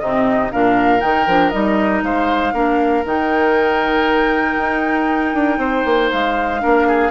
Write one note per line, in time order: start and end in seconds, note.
0.00 0.52 C3
0.00 0.52 C4
0.00 0.52 D#4
0.00 0.51 D#5
0.52 1.03 A#2
0.52 0.99 D4
0.52 2.04 A#4
0.52 1.01 F5
0.99 1.27 D#3
0.99 1.25 D#4
0.99 1.50 G5
1.27 1.52 F3
1.27 1.53 D4
1.50 2.03 G3
1.50 2.53 D#4
1.50 2.01 D#5
2.03 2.53 G#3
2.03 2.54 C5
2.03 3.06 F5
2.53 3.04 A#3
2.53 3.04 D4
2.53 5.59 A#4
3.05 4.58 D#3
3.05 6.60 D#4
3.05 6.11 G5
4.58 5.34 D#4
5.34 5.58 D4
5.58 5.83 C4
5.58 6.61 C5
5.85 6.11 A#3
6.11 6.64 G#3
6.11 7.11 F5
6.60 7.11 A#3
6.60 7.11 D4
6.60 6.87 A#4
6.87 7.11 G#4